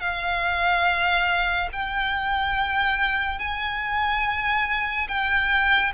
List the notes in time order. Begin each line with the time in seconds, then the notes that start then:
0.00 F5
1.72 G5
3.39 G#5
5.08 G5